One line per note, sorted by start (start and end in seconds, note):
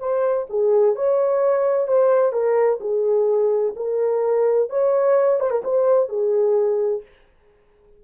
0.00 0.47 C5
0.50 0.96 G#4
0.96 1.88 C#5
1.88 2.33 C5
2.33 2.80 A#4
2.81 3.75 G#4
3.76 4.70 A#4
4.70 5.40 C#5
5.40 5.51 C5
5.51 5.62 A#4
5.64 6.09 C5
6.09 7.03 G#4